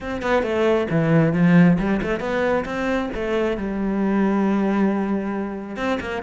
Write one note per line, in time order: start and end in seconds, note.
0.00 0.22 C4
0.22 0.42 B3
0.42 0.87 A3
0.90 1.33 E3
1.33 1.77 F3
1.78 2.01 G3
2.02 2.20 A3
2.20 2.64 B3
2.65 3.09 C4
3.14 3.57 A3
3.57 5.76 G3
5.76 5.98 C4
6.00 6.22 A#3